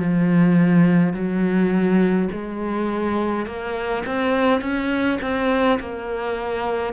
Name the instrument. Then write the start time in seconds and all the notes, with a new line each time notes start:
cello
0.00 F3
1.14 F#3
2.32 G#3
3.47 A#3
4.06 C4
4.62 C#4
5.22 C4
5.80 A#3